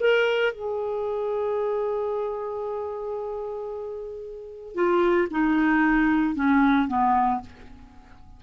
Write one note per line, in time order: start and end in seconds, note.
0.00 0.53 A#4
0.53 4.75 G#4
4.75 5.28 F4
5.31 6.35 D#4
6.35 6.88 C#4
6.88 7.41 B3